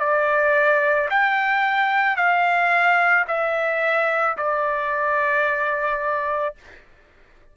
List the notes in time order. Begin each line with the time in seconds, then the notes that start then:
0.00 D5
1.10 G5
2.16 F5
3.28 E5
4.37 D5